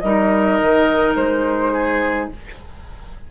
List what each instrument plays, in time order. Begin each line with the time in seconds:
0.00 bassoon G3, clarinet D#4, oboe A#4, flute D#5
0.62 bassoon D#3
1.16 bassoon G#3, flute C5
1.73 oboe G#4